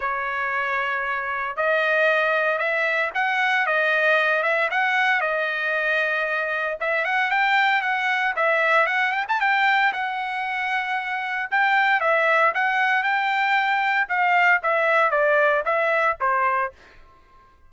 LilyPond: \new Staff \with { instrumentName = "trumpet" } { \time 4/4 \tempo 4 = 115 cis''2. dis''4~ | dis''4 e''4 fis''4 dis''4~ | dis''8 e''8 fis''4 dis''2~ | dis''4 e''8 fis''8 g''4 fis''4 |
e''4 fis''8 g''16 a''16 g''4 fis''4~ | fis''2 g''4 e''4 | fis''4 g''2 f''4 | e''4 d''4 e''4 c''4 | }